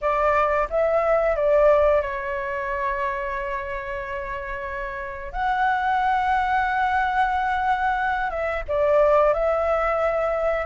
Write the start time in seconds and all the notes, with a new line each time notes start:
0.01 D5
0.69 E5
1.35 D5
2.01 C#5
5.32 F#5
8.30 E5
8.68 D5
9.33 E5